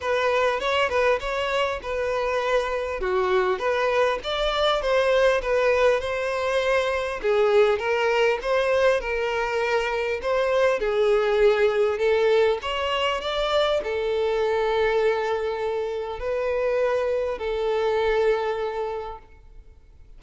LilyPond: \new Staff \with { instrumentName = "violin" } { \time 4/4 \tempo 4 = 100 b'4 cis''8 b'8 cis''4 b'4~ | b'4 fis'4 b'4 d''4 | c''4 b'4 c''2 | gis'4 ais'4 c''4 ais'4~ |
ais'4 c''4 gis'2 | a'4 cis''4 d''4 a'4~ | a'2. b'4~ | b'4 a'2. | }